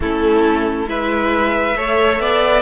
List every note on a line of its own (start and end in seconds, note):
0.00 0.86 A3
0.00 0.87 C#4
0.00 0.89 E4
0.00 0.89 A4
0.86 1.74 G#3
0.86 1.75 E4
0.86 1.76 B4
0.86 2.62 E5
1.76 2.19 A3
1.76 2.62 A4
1.76 2.21 C#5
2.19 2.62 B3
2.19 2.62 D5